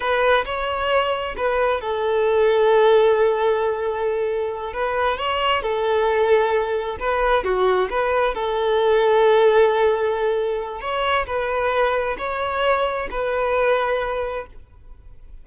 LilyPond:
\new Staff \with { instrumentName = "violin" } { \time 4/4 \tempo 4 = 133 b'4 cis''2 b'4 | a'1~ | a'2~ a'8 b'4 cis''8~ | cis''8 a'2. b'8~ |
b'8 fis'4 b'4 a'4.~ | a'1 | cis''4 b'2 cis''4~ | cis''4 b'2. | }